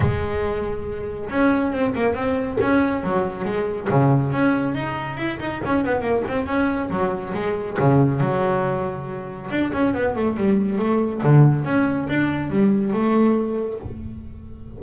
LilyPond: \new Staff \with { instrumentName = "double bass" } { \time 4/4 \tempo 4 = 139 gis2. cis'4 | c'8 ais8 c'4 cis'4 fis4 | gis4 cis4 cis'4 dis'4 | e'8 dis'8 cis'8 b8 ais8 c'8 cis'4 |
fis4 gis4 cis4 fis4~ | fis2 d'8 cis'8 b8 a8 | g4 a4 d4 cis'4 | d'4 g4 a2 | }